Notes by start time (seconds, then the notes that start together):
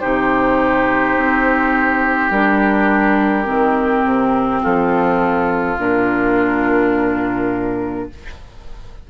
0.00 C3 D#4 G4 C5
1.17 C4
2.31 G3 D4 A#4
3.45 D#3 C4
4.05 C3
4.62 F3 F4 A4
5.78 A#2 D4 A#4